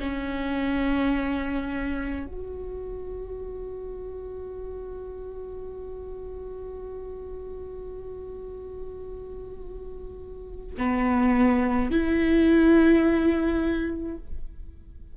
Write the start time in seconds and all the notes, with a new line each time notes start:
0.00 C#4
2.26 F#4
10.78 B3
11.91 E4